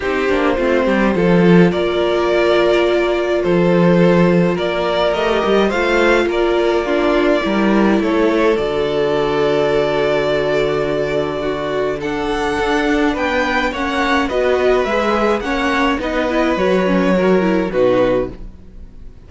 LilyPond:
<<
  \new Staff \with { instrumentName = "violin" } { \time 4/4 \tempo 4 = 105 c''2. d''4~ | d''2 c''2 | d''4 dis''4 f''4 d''4~ | d''2 cis''4 d''4~ |
d''1~ | d''4 fis''2 g''4 | fis''4 dis''4 e''4 fis''4 | dis''4 cis''2 b'4 | }
  \new Staff \with { instrumentName = "violin" } { \time 4/4 g'4 f'8 g'8 a'4 ais'4~ | ais'2 a'2 | ais'2 c''4 ais'4 | f'4 ais'4 a'2~ |
a'1 | fis'4 a'2 b'4 | cis''4 b'2 cis''4 | b'2 ais'4 fis'4 | }
  \new Staff \with { instrumentName = "viola" } { \time 4/4 dis'8 d'8 c'4 f'2~ | f'1~ | f'4 g'4 f'2 | d'4 e'2 fis'4~ |
fis'1~ | fis'4 d'2. | cis'4 fis'4 gis'4 cis'4 | dis'8 e'8 fis'8 cis'8 fis'8 e'8 dis'4 | }
  \new Staff \with { instrumentName = "cello" } { \time 4/4 c'8 ais8 a8 g8 f4 ais4~ | ais2 f2 | ais4 a8 g8 a4 ais4~ | ais4 g4 a4 d4~ |
d1~ | d2 d'4 b4 | ais4 b4 gis4 ais4 | b4 fis2 b,4 | }
>>